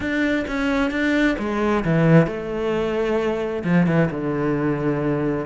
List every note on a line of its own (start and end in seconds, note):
0.00 0.45 D4
0.47 0.90 C#4
0.90 1.36 D4
1.38 1.84 G#3
1.84 2.26 E3
2.26 3.63 A3
3.63 3.86 F3
3.86 4.09 E3
4.10 5.46 D3